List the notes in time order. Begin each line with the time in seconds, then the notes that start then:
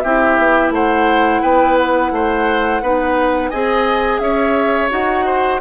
0.00 C4 E4 G4 E5
0.38 B3
0.70 A3 C5 F#5
1.41 B3 B4 G5
1.76 F#5
2.11 A3 C5
2.81 B3 D#4 B4
3.49 C4 G#4 D#5 G#5
4.19 C#4 C#5 E5
4.89 D#4 F#4 F#5
5.25 C5